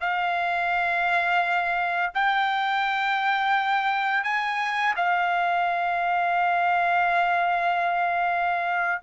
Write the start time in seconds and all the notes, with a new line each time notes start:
0.00 F5
2.14 G5
4.23 G#5
4.96 F5